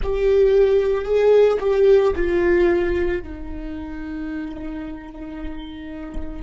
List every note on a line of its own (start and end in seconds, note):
0.02 1.05 G4
1.05 1.58 G#4
1.60 2.13 G4
2.15 3.22 F4
3.22 6.42 D#4